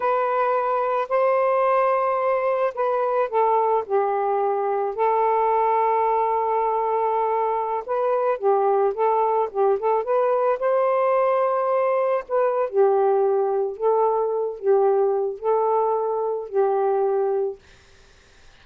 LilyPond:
\new Staff \with { instrumentName = "saxophone" } { \time 4/4 \tempo 4 = 109 b'2 c''2~ | c''4 b'4 a'4 g'4~ | g'4 a'2.~ | a'2~ a'16 b'4 g'8.~ |
g'16 a'4 g'8 a'8 b'4 c''8.~ | c''2~ c''16 b'8. g'4~ | g'4 a'4. g'4. | a'2 g'2 | }